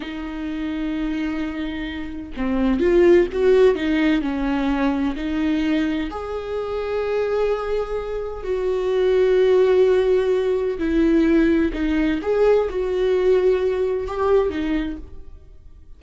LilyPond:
\new Staff \with { instrumentName = "viola" } { \time 4/4 \tempo 4 = 128 dis'1~ | dis'4 c'4 f'4 fis'4 | dis'4 cis'2 dis'4~ | dis'4 gis'2.~ |
gis'2 fis'2~ | fis'2. e'4~ | e'4 dis'4 gis'4 fis'4~ | fis'2 g'4 dis'4 | }